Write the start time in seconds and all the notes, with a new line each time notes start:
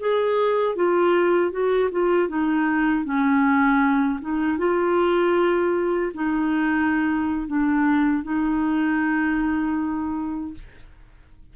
0.00 G#4
0.76 F4
1.52 F#4
1.92 F4
2.29 D#4
3.05 C#4
4.21 D#4
4.58 F4
6.14 D#4
7.48 D4
8.24 D#4